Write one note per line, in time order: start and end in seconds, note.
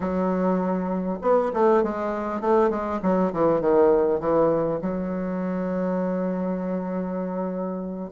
0.00 1.18 F#3
1.21 1.51 B3
1.53 1.83 A3
1.83 2.41 G#3
2.41 2.70 A3
2.70 3.00 G#3
3.02 3.32 F#3
3.32 3.60 E3
3.60 4.20 D#3
4.20 4.80 E3
4.81 8.11 F#3